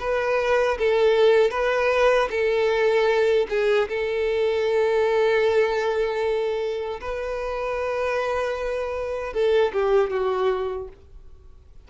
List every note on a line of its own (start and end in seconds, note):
0.00 0.78 B4
0.78 1.51 A4
1.51 2.28 B4
2.30 3.47 A4
3.49 3.88 G#4
3.89 7.00 A4
7.00 9.33 B4
9.33 9.72 A4
9.73 10.10 G4
10.10 10.88 F#4